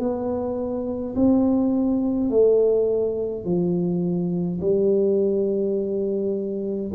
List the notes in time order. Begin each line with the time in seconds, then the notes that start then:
0.00 B3
1.16 C4
2.30 A3
3.45 F3
4.61 G3